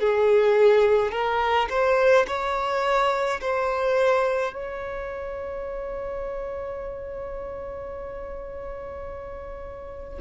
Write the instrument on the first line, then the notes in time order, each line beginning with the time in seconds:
violin
0.00 G#4
1.11 A#4
1.69 C5
2.27 C#5
3.41 C5
4.53 C#5